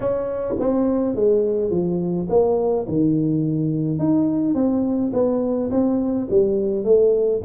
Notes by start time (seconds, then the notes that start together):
0.00 C#4
0.59 C4
1.15 G#3
1.70 F3
2.29 A#3
2.88 D#3
3.98 D#4
4.54 C4
5.13 B3
5.70 C4
6.30 G3
6.84 A3